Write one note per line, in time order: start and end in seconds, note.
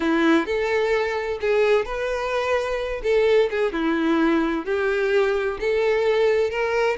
0.00 0.46 E4
0.46 1.39 A4
1.40 1.85 G#4
1.85 3.01 B4
3.03 3.49 A4
3.50 3.72 G#4
3.72 4.65 E4
4.65 5.58 G4
5.60 6.50 A4
6.50 6.96 A#4